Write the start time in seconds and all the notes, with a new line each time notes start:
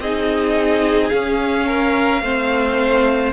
0.00 C4 D#4 G#4 D#5
1.10 C#4 F5
1.67 A#4
2.22 A3 C4 C5